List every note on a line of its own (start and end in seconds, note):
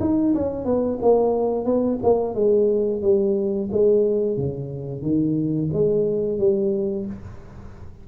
0.00 0.34 D#4
0.34 0.64 C#4
0.64 0.98 B3
1.01 1.65 A#3
1.65 1.98 B3
2.03 2.34 A#3
2.34 3.02 G#3
3.02 3.69 G3
3.71 4.37 G#3
4.37 5.02 C#3
5.02 5.69 D#3
5.73 6.38 G#3
6.38 7.05 G3